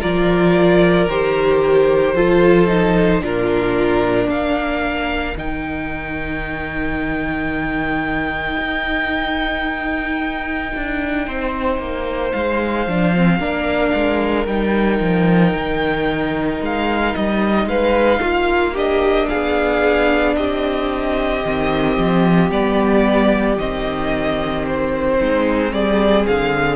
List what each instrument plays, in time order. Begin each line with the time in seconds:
0.00 cello F3, viola F4, violin A#4 D5
1.07 cello D#3, viola G4, violin C5
2.14 cello F3, viola F4, violin A4
2.67 viola D#4
3.21 cello A#2, viola D4, violin F4 A#4
4.27 cello A#3, violin A#4 F5
5.36 cello D#3, viola D#4, violin G5
8.58 cello D#4
10.75 cello D4
11.26 cello C4, violin C5
11.79 cello A#3
12.32 cello G#3, violin F5
12.87 cello F3, viola D4
13.15 viola C4
13.38 cello A#3, viola D4, violin A#4
13.94 cello G#3
14.46 cello G3, viola D#4, violin G5
15.00 cello F3
15.53 cello D#3
16.61 cello G#3, violin F5
17.15 cello G3, violin D#5
17.65 cello G#3, violin B4 F5
18.20 cello A#3, violin F4
18.73 viola D4, violin G4 D#5
19.28 cello B3, violin G#4 F5
20.36 cello C4, violin G4 D#5
21.44 cello D#3, viola C4
21.97 cello F3
22.50 cello G3, viola B3, violin D5
23.57 cello D#3, viola C4, violin D#5
24.67 violin C5
25.18 cello G#3, violin D#4
25.72 cello G3, violin G#4 D5
26.26 cello D3, violin F5